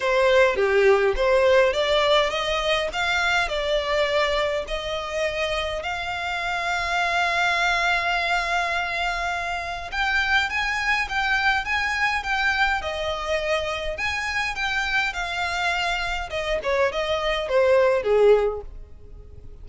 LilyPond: \new Staff \with { instrumentName = "violin" } { \time 4/4 \tempo 4 = 103 c''4 g'4 c''4 d''4 | dis''4 f''4 d''2 | dis''2 f''2~ | f''1~ |
f''4 g''4 gis''4 g''4 | gis''4 g''4 dis''2 | gis''4 g''4 f''2 | dis''8 cis''8 dis''4 c''4 gis'4 | }